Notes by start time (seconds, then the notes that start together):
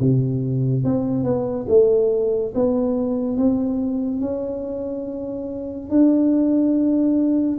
0.00 C3
0.85 C4
1.24 B3
1.69 A3
2.55 B3
3.37 C4
4.21 C#4
5.90 D4